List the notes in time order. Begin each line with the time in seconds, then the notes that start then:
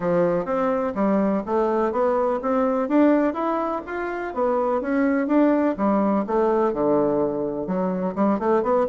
0.00 F3
0.45 C4
0.94 G3
1.46 A3
1.91 B3
2.42 C4
2.88 D4
3.33 E4
3.86 F4
4.34 B3
4.81 C#4
5.27 D4
5.77 G3
6.26 A3
6.73 D3
7.66 F#3
8.15 G3
8.39 A3
8.62 B3